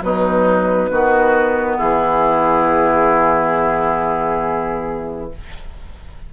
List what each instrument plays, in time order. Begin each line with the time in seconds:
0.00 bassoon B2, clarinet F#3, oboe D#4, flute B4
0.90 bassoon D#3, clarinet B3, oboe F#4
1.77 bassoon E3, oboe E4, flute G#4